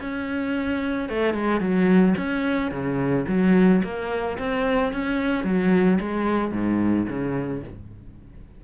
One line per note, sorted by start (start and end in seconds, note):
0.00 1.09 C#4
1.09 1.34 A3
1.34 1.60 G#3
1.60 2.15 F#3
2.17 2.71 C#4
2.71 3.25 C#3
3.28 3.82 F#3
3.83 4.38 A#3
4.38 4.93 C4
4.93 5.44 C#4
5.44 5.99 F#3
6.00 6.52 G#3
6.52 7.06 G#2
7.09 7.63 C#3